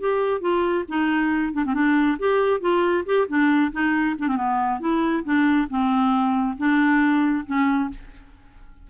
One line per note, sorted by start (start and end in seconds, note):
0.00 0.41 G4
0.41 0.85 F4
0.89 1.53 D#4
1.53 1.64 D4
1.66 1.74 C4
1.74 2.18 D4
2.19 2.60 G4
2.60 3.04 F4
3.06 3.28 G4
3.28 3.72 D4
3.72 4.16 D#4
4.19 4.28 D4
4.28 4.36 C4
4.36 4.80 B3
4.80 5.24 E4
5.24 5.68 D4
5.70 6.57 C4
6.58 7.45 D4
7.46 7.90 C#4